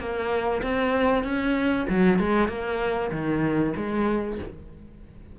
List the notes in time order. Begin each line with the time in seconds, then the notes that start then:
0.00 A#3
0.63 C4
1.24 C#4
1.90 F#3
2.20 G#3
2.49 A#3
3.12 D#3
3.77 G#3